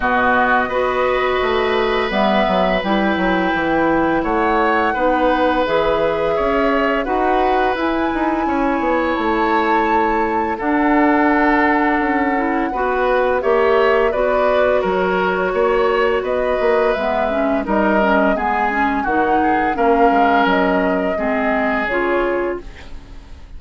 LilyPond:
<<
  \new Staff \with { instrumentName = "flute" } { \time 4/4 \tempo 4 = 85 dis''2. e''4 | g''2 fis''2 | e''2 fis''4 gis''4~ | gis''4 a''2 fis''4~ |
fis''2. e''4 | d''4 cis''2 dis''4 | e''4 dis''4 gis''4 fis''4 | f''4 dis''2 cis''4 | }
  \new Staff \with { instrumentName = "oboe" } { \time 4/4 fis'4 b'2.~ | b'2 cis''4 b'4~ | b'4 cis''4 b'2 | cis''2. a'4~ |
a'2 b'4 cis''4 | b'4 ais'4 cis''4 b'4~ | b'4 ais'4 gis'4 fis'8 gis'8 | ais'2 gis'2 | }
  \new Staff \with { instrumentName = "clarinet" } { \time 4/4 b4 fis'2 b4 | e'2. dis'4 | gis'2 fis'4 e'4~ | e'2. d'4~ |
d'4. e'8 fis'4 g'4 | fis'1 | b8 cis'8 dis'8 cis'8 b8 cis'8 dis'4 | cis'2 c'4 f'4 | }
  \new Staff \with { instrumentName = "bassoon" } { \time 4/4 b,4 b4 a4 g8 fis8 | g8 fis8 e4 a4 b4 | e4 cis'4 dis'4 e'8 dis'8 | cis'8 b8 a2 d'4~ |
d'4 cis'4 b4 ais4 | b4 fis4 ais4 b8 ais8 | gis4 g4 gis4 dis4 | ais8 gis8 fis4 gis4 cis4 | }
>>